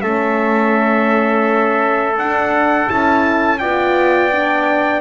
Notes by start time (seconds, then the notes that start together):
0.00 A3 C#4 A4 E5
2.17 D4 F#5
2.86 C#4 E4 A5
3.58 B3 F4 D5 G5
4.31 D4